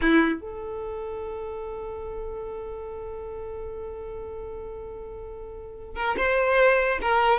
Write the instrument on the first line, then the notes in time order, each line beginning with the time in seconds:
violin
0.01 E4
0.41 A4
5.95 A#4
6.17 C5
7.01 A#4